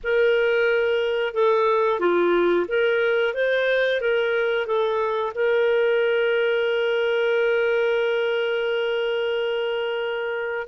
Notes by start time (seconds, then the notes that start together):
0.03 A#4
1.33 A4
1.99 F4
2.68 A#4
3.34 C5
4.00 A#4
4.66 A4
5.35 A#4